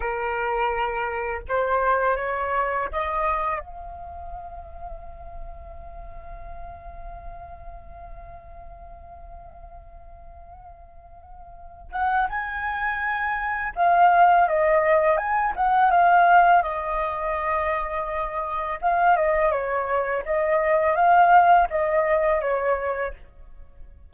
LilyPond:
\new Staff \with { instrumentName = "flute" } { \time 4/4 \tempo 4 = 83 ais'2 c''4 cis''4 | dis''4 f''2.~ | f''1~ | f''1~ |
f''8 fis''8 gis''2 f''4 | dis''4 gis''8 fis''8 f''4 dis''4~ | dis''2 f''8 dis''8 cis''4 | dis''4 f''4 dis''4 cis''4 | }